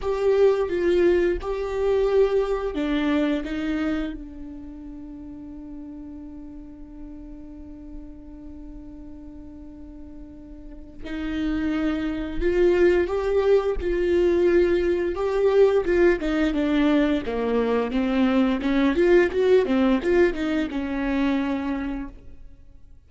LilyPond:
\new Staff \with { instrumentName = "viola" } { \time 4/4 \tempo 4 = 87 g'4 f'4 g'2 | d'4 dis'4 d'2~ | d'1~ | d'1 |
dis'2 f'4 g'4 | f'2 g'4 f'8 dis'8 | d'4 ais4 c'4 cis'8 f'8 | fis'8 c'8 f'8 dis'8 cis'2 | }